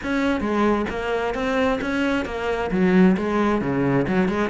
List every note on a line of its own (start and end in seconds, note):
0.03 0.40 C#4
0.40 0.85 G#3
0.89 1.34 A#3
1.34 1.79 C4
1.81 2.25 C#4
2.25 2.70 A#3
2.71 3.16 F#3
3.17 3.61 G#3
3.61 4.06 C#3
4.07 4.28 F#3
4.28 4.49 G#3